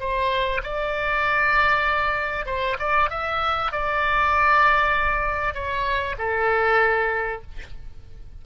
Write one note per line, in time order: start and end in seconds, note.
0.00 0.62 C5
0.64 2.46 D5
2.46 2.77 C5
2.79 3.10 D5
3.10 3.72 E5
3.72 5.54 D5
5.54 6.16 C#5
6.19 7.42 A4